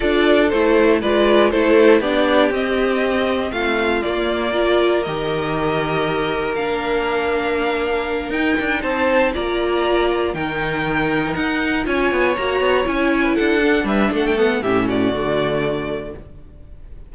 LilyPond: <<
  \new Staff \with { instrumentName = "violin" } { \time 4/4 \tempo 4 = 119 d''4 c''4 d''4 c''4 | d''4 dis''2 f''4 | d''2 dis''2~ | dis''4 f''2.~ |
f''8 g''4 a''4 ais''4.~ | ais''8 g''2 fis''4 gis''8~ | gis''8 ais''4 gis''4 fis''4 e''8 | fis''16 g''16 fis''8 e''8 d''2~ d''8 | }
  \new Staff \with { instrumentName = "violin" } { \time 4/4 a'2 b'4 a'4 | g'2. f'4~ | f'4 ais'2.~ | ais'1~ |
ais'4. c''4 d''4.~ | d''8 ais'2. cis''8~ | cis''2~ cis''16 b'16 a'4 b'8 | a'4 g'8 fis'2~ fis'8 | }
  \new Staff \with { instrumentName = "viola" } { \time 4/4 f'4 e'4 f'4 e'4 | d'4 c'2. | ais4 f'4 g'2~ | g'4 d'2.~ |
d'8 dis'2 f'4.~ | f'8 dis'2. f'8~ | f'8 fis'4 e'4. d'4~ | d'8 b8 cis'4 a2 | }
  \new Staff \with { instrumentName = "cello" } { \time 4/4 d'4 a4 gis4 a4 | b4 c'2 a4 | ais2 dis2~ | dis4 ais2.~ |
ais8 dis'8 d'8 c'4 ais4.~ | ais8 dis2 dis'4 cis'8 | b8 ais8 b8 cis'4 d'4 g8 | a4 a,4 d2 | }
>>